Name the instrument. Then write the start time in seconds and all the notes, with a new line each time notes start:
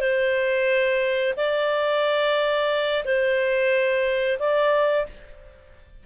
clarinet
0.00 C5
1.36 D5
3.05 C5
4.39 D5